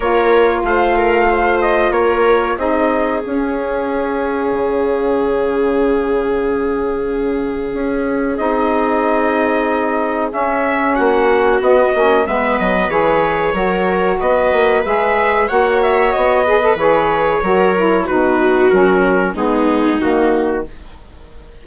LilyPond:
<<
  \new Staff \with { instrumentName = "trumpet" } { \time 4/4 \tempo 4 = 93 cis''4 f''4. dis''8 cis''4 | dis''4 f''2.~ | f''1~ | f''4 dis''2. |
e''4 fis''4 dis''4 e''8 dis''8 | cis''2 dis''4 e''4 | fis''8 e''8 dis''4 cis''2 | b'4 ais'4 gis'4 fis'4 | }
  \new Staff \with { instrumentName = "viola" } { \time 4/4 ais'4 c''8 ais'8 c''4 ais'4 | gis'1~ | gis'1~ | gis'1~ |
gis'4 fis'2 b'4~ | b'4 ais'4 b'2 | cis''4. b'4. ais'4 | fis'2 dis'2 | }
  \new Staff \with { instrumentName = "saxophone" } { \time 4/4 f'1 | dis'4 cis'2.~ | cis'1~ | cis'4 dis'2. |
cis'2 b8 cis'8 b4 | gis'4 fis'2 gis'4 | fis'4. gis'16 a'16 gis'4 fis'8 e'8 | dis'4 cis'4 b4 ais4 | }
  \new Staff \with { instrumentName = "bassoon" } { \time 4/4 ais4 a2 ais4 | c'4 cis'2 cis4~ | cis1 | cis'4 c'2. |
cis'4 ais4 b8 ais8 gis8 fis8 | e4 fis4 b8 ais8 gis4 | ais4 b4 e4 fis4 | b,4 fis4 gis4 dis4 | }
>>